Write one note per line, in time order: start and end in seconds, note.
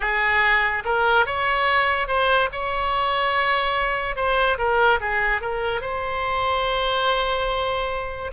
0.00 0.83 G#4
0.84 1.25 A#4
1.25 2.07 C#5
2.07 2.49 C5
2.52 4.16 C#5
4.16 4.57 C5
4.58 4.99 A#4
5.00 5.41 G#4
5.41 5.81 A#4
5.81 8.31 C5